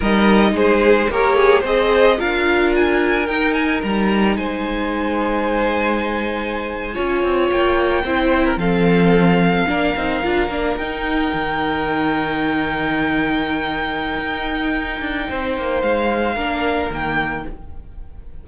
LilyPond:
<<
  \new Staff \with { instrumentName = "violin" } { \time 4/4 \tempo 4 = 110 dis''4 c''4 ais'8 gis'8 dis''4 | f''4 gis''4 g''8 gis''8 ais''4 | gis''1~ | gis''4.~ gis''16 g''2 f''16~ |
f''2.~ f''8. g''16~ | g''1~ | g''1~ | g''4 f''2 g''4 | }
  \new Staff \with { instrumentName = "violin" } { \time 4/4 ais'4 gis'4 cis''4 c''4 | ais'1 | c''1~ | c''8. cis''2 c''8. ais'16 a'16~ |
a'4.~ a'16 ais'2~ ais'16~ | ais'1~ | ais'1 | c''2 ais'2 | }
  \new Staff \with { instrumentName = "viola" } { \time 4/4 dis'2 g'4 gis'4 | f'2 dis'2~ | dis'1~ | dis'8. f'2 e'4 c'16~ |
c'4.~ c'16 d'8 dis'8 f'8 d'8 dis'16~ | dis'1~ | dis'1~ | dis'2 d'4 ais4 | }
  \new Staff \with { instrumentName = "cello" } { \time 4/4 g4 gis4 ais4 c'4 | d'2 dis'4 g4 | gis1~ | gis8. cis'8 c'8 ais4 c'4 f16~ |
f4.~ f16 ais8 c'8 d'8 ais8 dis'16~ | dis'8. dis2.~ dis16~ | dis2 dis'4. d'8 | c'8 ais8 gis4 ais4 dis4 | }
>>